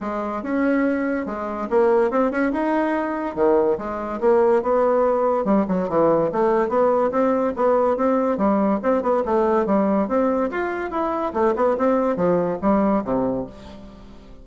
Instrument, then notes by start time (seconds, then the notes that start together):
bassoon
0.01 G#3
0.42 C#4
1.26 G#3
1.69 A#3
2.11 C4
2.31 C#4
2.52 D#4
3.35 D#3
3.77 G#3
4.20 A#3
4.62 B3
5.44 G3
5.68 F#3
5.89 E3
6.31 A3
6.68 B3
7.11 C4
7.56 B3
7.96 C4
8.37 G3
8.82 C4
9.02 B3
9.25 A3
9.66 G3
10.08 C4
10.50 F4
10.90 E4
11.33 A3
11.55 B3
11.77 C4
12.16 F3
12.61 G3
13.04 C3